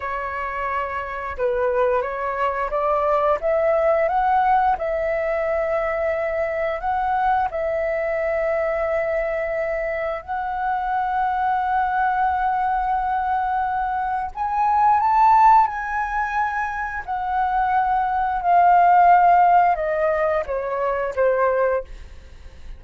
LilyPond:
\new Staff \with { instrumentName = "flute" } { \time 4/4 \tempo 4 = 88 cis''2 b'4 cis''4 | d''4 e''4 fis''4 e''4~ | e''2 fis''4 e''4~ | e''2. fis''4~ |
fis''1~ | fis''4 gis''4 a''4 gis''4~ | gis''4 fis''2 f''4~ | f''4 dis''4 cis''4 c''4 | }